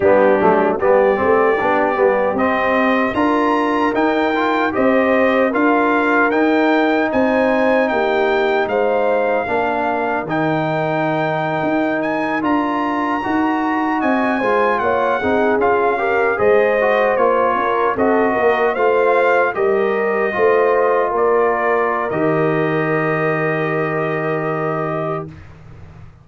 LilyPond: <<
  \new Staff \with { instrumentName = "trumpet" } { \time 4/4 \tempo 4 = 76 g'4 d''2 dis''4 | ais''4 g''4 dis''4 f''4 | g''4 gis''4 g''4 f''4~ | f''4 g''2~ g''16 gis''8 ais''16~ |
ais''4.~ ais''16 gis''4 fis''4 f''16~ | f''8. dis''4 cis''4 dis''4 f''16~ | f''8. dis''2 d''4~ d''16 | dis''1 | }
  \new Staff \with { instrumentName = "horn" } { \time 4/4 d'4 g'2. | ais'2 c''4 ais'4~ | ais'4 c''4 g'4 c''4 | ais'1~ |
ais'4.~ ais'16 dis''8 c''8 cis''8 gis'8.~ | gis'16 ais'8 c''4. ais'8 a'8 ais'8 c''16~ | c''8. ais'4 c''4 ais'4~ ais'16~ | ais'1 | }
  \new Staff \with { instrumentName = "trombone" } { \time 4/4 b8 a8 b8 c'8 d'8 b8 c'4 | f'4 dis'8 f'8 g'4 f'4 | dis'1 | d'4 dis'2~ dis'8. f'16~ |
f'8. fis'4. f'4 dis'8 f'16~ | f'16 g'8 gis'8 fis'8 f'4 fis'4 f'16~ | f'8. g'4 f'2~ f'16 | g'1 | }
  \new Staff \with { instrumentName = "tuba" } { \time 4/4 g8 fis8 g8 a8 b8 g8 c'4 | d'4 dis'4 c'4 d'4 | dis'4 c'4 ais4 gis4 | ais4 dis4.~ dis16 dis'4 d'16~ |
d'8. dis'4 c'8 gis8 ais8 c'8 cis'16~ | cis'8. gis4 ais8 cis'8 c'8 ais8 a16~ | a8. g4 a4 ais4~ ais16 | dis1 | }
>>